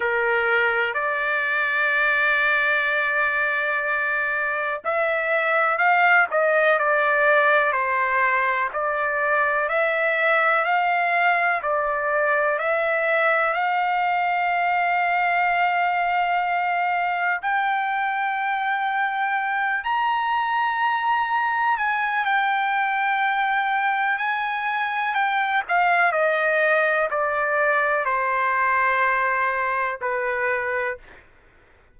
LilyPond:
\new Staff \with { instrumentName = "trumpet" } { \time 4/4 \tempo 4 = 62 ais'4 d''2.~ | d''4 e''4 f''8 dis''8 d''4 | c''4 d''4 e''4 f''4 | d''4 e''4 f''2~ |
f''2 g''2~ | g''8 ais''2 gis''8 g''4~ | g''4 gis''4 g''8 f''8 dis''4 | d''4 c''2 b'4 | }